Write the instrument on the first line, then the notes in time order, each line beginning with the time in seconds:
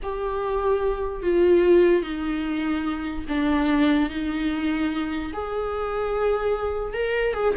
viola
0.02 G4
1.22 F4
2.02 D#4
3.28 D4
4.09 D#4
5.33 G#4
6.93 A#4
7.34 G#4